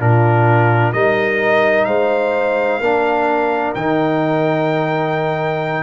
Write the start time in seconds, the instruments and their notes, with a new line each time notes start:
0.00 tuba A#2, trombone D4, horn F4, trumpet A#4
0.93 tuba G3, trombone D#4, horn A#4, trumpet D#5
1.85 tuba G#3, horn C5, trumpet F5
2.80 tuba A#3, trombone D4, horn A#4
3.75 tuba D#3, trombone D#4, trumpet G5